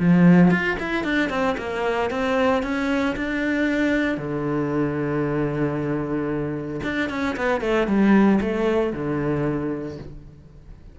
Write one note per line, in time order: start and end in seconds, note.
0.00 0.51 F3
0.51 0.78 F4
0.80 1.04 E4
1.04 1.30 D4
1.30 1.56 C4
1.58 2.11 A#3
2.11 2.63 C4
2.63 3.16 C#4
3.16 4.18 D4
4.18 6.81 D3
6.83 7.10 D4
7.10 7.36 C#4
7.37 7.61 B3
7.61 7.88 A3
7.88 8.40 G3
8.41 8.93 A3
8.93 9.98 D3